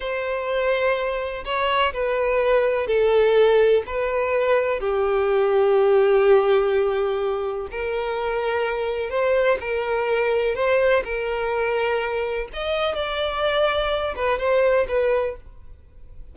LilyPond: \new Staff \with { instrumentName = "violin" } { \time 4/4 \tempo 4 = 125 c''2. cis''4 | b'2 a'2 | b'2 g'2~ | g'1 |
ais'2. c''4 | ais'2 c''4 ais'4~ | ais'2 dis''4 d''4~ | d''4. b'8 c''4 b'4 | }